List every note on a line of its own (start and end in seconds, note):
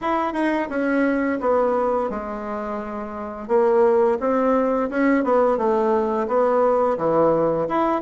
0.01 0.33 E4
0.33 0.68 D#4
0.69 1.39 C#4
1.40 2.10 B3
2.10 3.48 G#3
3.48 4.17 A#3
4.20 4.89 C4
4.90 5.23 C#4
5.23 5.57 B3
5.57 6.27 A3
6.27 6.97 B3
6.97 7.67 E3
7.68 8.01 E4